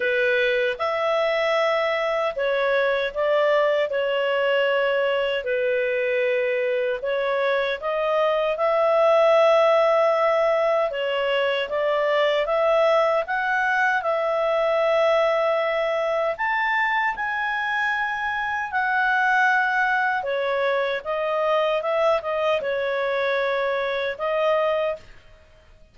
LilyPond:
\new Staff \with { instrumentName = "clarinet" } { \time 4/4 \tempo 4 = 77 b'4 e''2 cis''4 | d''4 cis''2 b'4~ | b'4 cis''4 dis''4 e''4~ | e''2 cis''4 d''4 |
e''4 fis''4 e''2~ | e''4 a''4 gis''2 | fis''2 cis''4 dis''4 | e''8 dis''8 cis''2 dis''4 | }